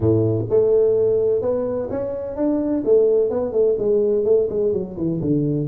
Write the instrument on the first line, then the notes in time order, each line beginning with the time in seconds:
tuba
0.00 A2
0.49 A3
1.41 B3
1.90 C#4
2.36 D4
2.84 A3
3.29 B3
3.52 A3
3.78 G#3
4.24 A3
4.49 G#3
4.72 F#3
4.96 E3
5.21 D3